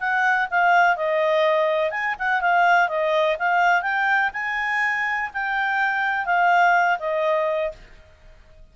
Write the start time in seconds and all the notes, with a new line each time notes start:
0.00 F#5
0.50 F5
0.96 D#5
1.91 G#5
2.19 F#5
2.41 F5
2.89 D#5
3.39 F5
3.82 G5
4.33 G#5
5.34 G5
6.26 F5
6.99 D#5